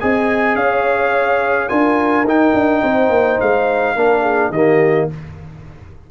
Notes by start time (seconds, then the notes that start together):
0.00 C4 G#4 D#5 G#5
0.55 C#4 C#5 F5
1.69 D4 F4 A#4 G#5
2.24 D#4 G5
2.54 D4
2.83 C4 C5
3.09 A#3
3.40 G#3 F5
3.96 A#3 D4 A#4
4.22 G#4
4.50 D#3 A#3 G4 D#5